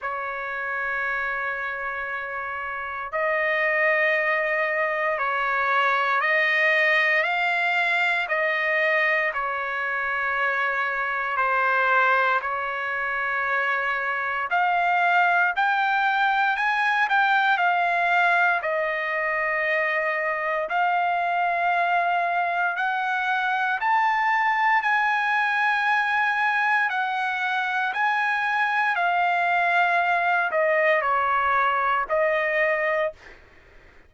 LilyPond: \new Staff \with { instrumentName = "trumpet" } { \time 4/4 \tempo 4 = 58 cis''2. dis''4~ | dis''4 cis''4 dis''4 f''4 | dis''4 cis''2 c''4 | cis''2 f''4 g''4 |
gis''8 g''8 f''4 dis''2 | f''2 fis''4 a''4 | gis''2 fis''4 gis''4 | f''4. dis''8 cis''4 dis''4 | }